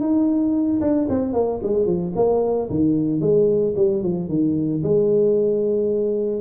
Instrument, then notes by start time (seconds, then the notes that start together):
tuba
0.00 D#4
0.81 D4
1.09 C4
1.33 A#3
1.63 G#3
1.86 F3
2.16 A#3
2.70 D#3
3.20 G#3
3.76 G3
4.02 F3
4.28 D#3
4.83 G#3